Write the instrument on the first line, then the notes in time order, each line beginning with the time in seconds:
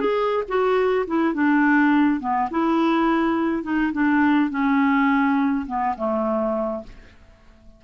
clarinet
0.00 G#4
0.48 F#4
1.07 E4
1.33 D4
2.20 B3
2.50 E4
3.63 D#4
3.93 D4
4.50 C#4
5.66 B3
5.97 A3